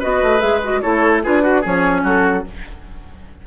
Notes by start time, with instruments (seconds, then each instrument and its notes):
0.00 bassoon B3, clarinet F#4, oboe B4, flute D#5
0.23 bassoon A3
0.40 bassoon G#3, clarinet G#4, flute E5
0.64 clarinet F#4, flute D#5
0.81 bassoon A3, clarinet E4, oboe A4, flute C#5
1.23 bassoon D4, clarinet F4, oboe G#4, flute B4
1.42 clarinet F#4, oboe F#4
1.61 bassoon F3, clarinet C#4, oboe G#4, flute C#5
2.03 bassoon F#3, oboe F#4, flute A4